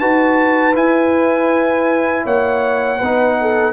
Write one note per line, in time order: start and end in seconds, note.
0.00 0.75 D#4
0.00 0.74 F#4
0.00 2.25 B4
0.00 0.75 A5
0.74 2.99 E4
0.74 2.25 E4
0.74 2.27 G#5
2.25 3.01 A#3
2.25 2.99 C#5
2.25 3.74 F#5
2.99 3.74 B3
2.99 3.74 D#4
2.99 3.36 B4
3.42 3.74 A4